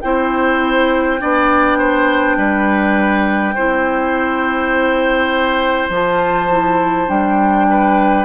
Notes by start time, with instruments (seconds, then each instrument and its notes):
0.00 bassoon C4, clarinet E4, oboe C5, flute G5
1.18 bassoon B3, clarinet D4, oboe D5
1.78 oboe C5
2.37 bassoon G3, oboe B4
3.54 bassoon C4, clarinet E4, oboe C5
5.89 bassoon F3, clarinet F4, flute A5
6.50 clarinet E4
7.07 bassoon G3, clarinet D4, flute G5
7.70 oboe B4